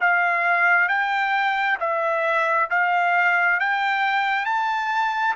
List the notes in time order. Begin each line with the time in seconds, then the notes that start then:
0.00 F5
0.89 G5
1.80 E5
2.70 F5
3.59 G5
4.45 A5